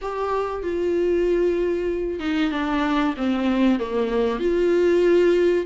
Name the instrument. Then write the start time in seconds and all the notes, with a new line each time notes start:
viola
0.01 G4
0.62 F4
2.19 D#4
2.51 D4
3.16 C4
3.79 A#3
4.39 F4